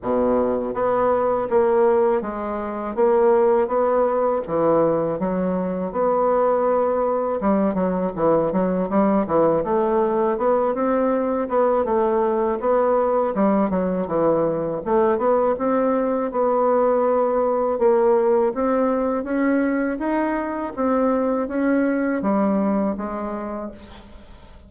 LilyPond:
\new Staff \with { instrumentName = "bassoon" } { \time 4/4 \tempo 4 = 81 b,4 b4 ais4 gis4 | ais4 b4 e4 fis4 | b2 g8 fis8 e8 fis8 | g8 e8 a4 b8 c'4 b8 |
a4 b4 g8 fis8 e4 | a8 b8 c'4 b2 | ais4 c'4 cis'4 dis'4 | c'4 cis'4 g4 gis4 | }